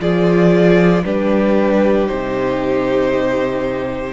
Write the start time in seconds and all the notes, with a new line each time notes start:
0.00 F3 F4 G#4 D5
1.05 G3 D4 G4 B4
2.07 C3 D#4 C5